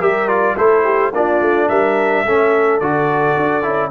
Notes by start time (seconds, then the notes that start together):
0.00 G3 G4 A#4 E5
0.28 F4 D5
0.57 A3 E4 A4 C5
0.84 G4
1.12 A#3 D4 F4 D5
1.41 A3
1.69 G3 A#4 E5
2.25 A3 C#4 A4
2.80 D3 F#4 D5
3.37 D4
3.63 C#4 E4